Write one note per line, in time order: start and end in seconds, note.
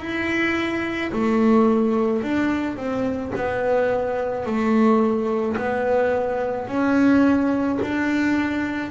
0.00 1.11 E4
1.12 2.23 A3
2.23 2.76 D4
2.76 3.32 C4
3.35 4.45 B3
4.45 5.57 A3
5.57 6.68 B3
6.68 7.79 C#4
7.82 8.90 D4